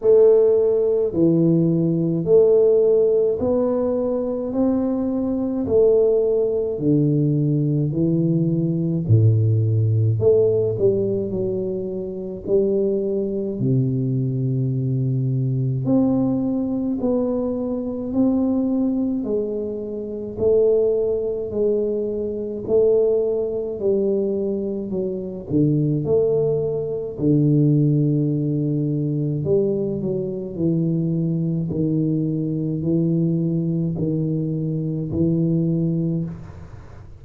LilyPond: \new Staff \with { instrumentName = "tuba" } { \time 4/4 \tempo 4 = 53 a4 e4 a4 b4 | c'4 a4 d4 e4 | a,4 a8 g8 fis4 g4 | c2 c'4 b4 |
c'4 gis4 a4 gis4 | a4 g4 fis8 d8 a4 | d2 g8 fis8 e4 | dis4 e4 dis4 e4 | }